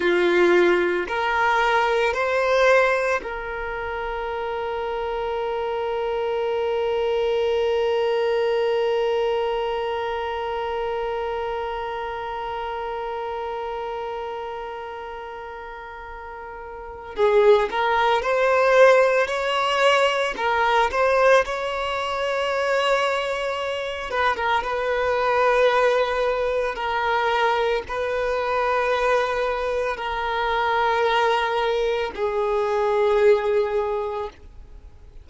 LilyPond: \new Staff \with { instrumentName = "violin" } { \time 4/4 \tempo 4 = 56 f'4 ais'4 c''4 ais'4~ | ais'1~ | ais'1~ | ais'1 |
gis'8 ais'8 c''4 cis''4 ais'8 c''8 | cis''2~ cis''8 b'16 ais'16 b'4~ | b'4 ais'4 b'2 | ais'2 gis'2 | }